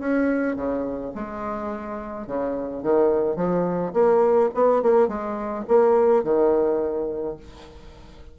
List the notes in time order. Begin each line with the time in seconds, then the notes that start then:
0.00 C#4
0.56 C#3
1.15 G#3
2.27 C#3
2.83 D#3
3.37 F3
3.94 A#3
4.55 B3
4.83 A#3
5.08 G#3
5.69 A#3
6.24 D#3